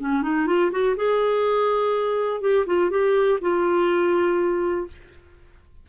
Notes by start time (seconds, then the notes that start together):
0.00 C#4
0.23 D#4
0.47 F4
0.72 F#4
0.96 G#4
2.41 G4
2.67 F4
2.90 G4
3.41 F4